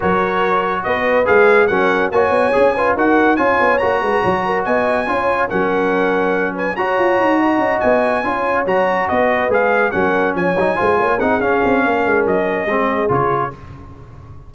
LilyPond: <<
  \new Staff \with { instrumentName = "trumpet" } { \time 4/4 \tempo 4 = 142 cis''2 dis''4 f''4 | fis''4 gis''2 fis''4 | gis''4 ais''2 gis''4~ | gis''4 fis''2~ fis''8 gis''8 |
ais''2~ ais''8 gis''4.~ | gis''8 ais''4 dis''4 f''4 fis''8~ | fis''8 gis''2 fis''8 f''4~ | f''4 dis''2 cis''4 | }
  \new Staff \with { instrumentName = "horn" } { \time 4/4 ais'2 b'2 | ais'4 cis''4. b'8 ais'4 | cis''4. b'8 cis''8 ais'8 dis''4 | cis''4 ais'2~ ais'8 b'8 |
cis''4. dis''2 cis''8~ | cis''4. b'2 ais'8~ | ais'8 cis''4 c''8 cis''8 gis'4. | ais'2 gis'2 | }
  \new Staff \with { instrumentName = "trombone" } { \time 4/4 fis'2. gis'4 | cis'4 fis'4 gis'8 f'8 fis'4 | f'4 fis'2. | f'4 cis'2. |
fis'2.~ fis'8 f'8~ | f'8 fis'2 gis'4 cis'8~ | cis'4 dis'8 f'4 dis'8 cis'4~ | cis'2 c'4 f'4 | }
  \new Staff \with { instrumentName = "tuba" } { \time 4/4 fis2 b4 gis4 | fis4 ais8 b8 cis'4 dis'4 | cis'8 b8 ais8 gis8 fis4 b4 | cis'4 fis2. |
fis'8 f'8 dis'4 cis'8 b4 cis'8~ | cis'8 fis4 b4 gis4 fis8~ | fis8 f8 fis8 gis8 ais8 c'8 cis'8 c'8 | ais8 gis8 fis4 gis4 cis4 | }
>>